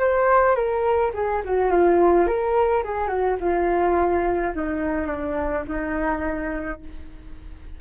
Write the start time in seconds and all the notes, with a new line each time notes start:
0.00 C5
0.56 A#4
1.14 G#4
1.45 F#4
1.72 F4
2.27 A#4
2.85 G#4
3.08 F#4
3.41 F4
4.56 D#4
5.07 D4
5.68 D#4